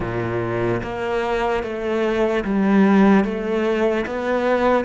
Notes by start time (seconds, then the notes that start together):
0.00 A#2
0.83 A#3
1.63 A3
2.44 G3
3.24 A3
4.06 B3